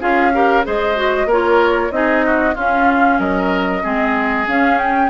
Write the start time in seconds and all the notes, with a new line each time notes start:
0.00 C#4 F4 G#4 F5
0.33 G4 A#4
0.64 G#3 G#4 C5 D#5
0.95 F#4
1.25 A#3 A#4 C#5
1.32 F4
1.91 C4 D#4 G#4 D#5
2.26 F#4
2.54 C#4 F4 F5
3.19 F#3 A#4 D#5
3.82 G#3 C4 G#4
4.47 C#4 F5
4.78 G5